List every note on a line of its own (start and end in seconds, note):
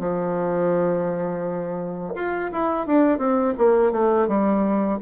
0.00 2.14 F3
2.15 2.51 F4
2.53 2.87 E4
2.87 3.19 D4
3.19 3.54 C4
3.58 3.92 A#3
3.92 4.28 A3
4.28 4.99 G3